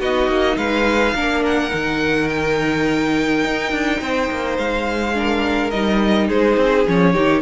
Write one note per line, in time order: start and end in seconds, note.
0.00 0.28 B3
0.00 1.15 D#4
0.00 0.57 F#4
0.00 0.57 D#5
0.28 0.57 A#3
0.57 1.14 G#3
0.57 1.15 B4
0.57 1.43 F5
1.15 1.72 A#3
1.15 1.70 D4
1.15 4.00 A#4
1.46 2.29 F#5
1.70 3.44 D#3
1.70 5.13 D#4
2.29 4.57 G5
3.44 3.72 D#4
3.72 4.00 D4
4.01 4.30 C4
4.01 5.16 C5
4.31 4.58 A#3
4.58 5.72 G#3
4.58 5.70 F5
5.15 5.72 D4
5.15 6.28 A#4
5.70 6.29 G3
5.70 6.87 D#4
5.70 6.28 D#5
6.28 6.57 G#3
6.28 7.14 G#4
6.28 6.87 C5
6.57 6.86 C4
6.87 7.16 F3
6.87 7.14 C#4
6.87 7.42 C#5
7.14 7.42 D#3
7.14 7.42 D#4
7.14 7.42 G4